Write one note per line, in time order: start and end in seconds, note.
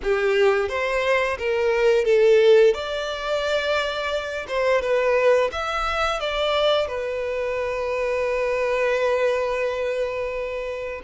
0.03 0.68 G4
0.68 1.37 C5
1.38 2.05 A#4
2.05 2.74 A4
2.74 4.46 D5
4.48 4.81 C5
4.81 5.50 B4
5.52 6.19 E5
6.19 6.87 D5
6.87 11.01 B4